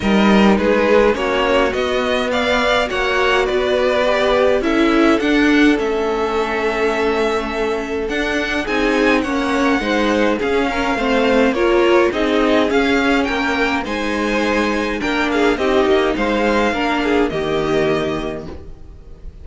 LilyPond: <<
  \new Staff \with { instrumentName = "violin" } { \time 4/4 \tempo 4 = 104 dis''4 b'4 cis''4 dis''4 | f''4 fis''4 d''2 | e''4 fis''4 e''2~ | e''2 fis''4 gis''4 |
fis''2 f''2 | cis''4 dis''4 f''4 g''4 | gis''2 g''8 f''8 dis''4 | f''2 dis''2 | }
  \new Staff \with { instrumentName = "violin" } { \time 4/4 ais'4 gis'4 fis'2 | d''4 cis''4 b'2 | a'1~ | a'2. gis'4 |
cis''4 c''4 gis'8 ais'8 c''4 | ais'4 gis'2 ais'4 | c''2 ais'8 gis'8 g'4 | c''4 ais'8 gis'8 g'2 | }
  \new Staff \with { instrumentName = "viola" } { \time 4/4 dis'2 cis'4 b4~ | b4 fis'2 g'4 | e'4 d'4 cis'2~ | cis'2 d'4 dis'4 |
cis'4 dis'4 cis'4 c'4 | f'4 dis'4 cis'2 | dis'2 d'4 dis'4~ | dis'4 d'4 ais2 | }
  \new Staff \with { instrumentName = "cello" } { \time 4/4 g4 gis4 ais4 b4~ | b4 ais4 b2 | cis'4 d'4 a2~ | a2 d'4 c'4 |
ais4 gis4 cis'4 a4 | ais4 c'4 cis'4 ais4 | gis2 ais4 c'8 ais8 | gis4 ais4 dis2 | }
>>